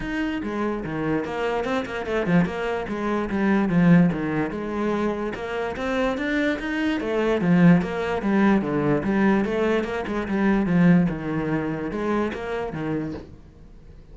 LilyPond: \new Staff \with { instrumentName = "cello" } { \time 4/4 \tempo 4 = 146 dis'4 gis4 dis4 ais4 | c'8 ais8 a8 f8 ais4 gis4 | g4 f4 dis4 gis4~ | gis4 ais4 c'4 d'4 |
dis'4 a4 f4 ais4 | g4 d4 g4 a4 | ais8 gis8 g4 f4 dis4~ | dis4 gis4 ais4 dis4 | }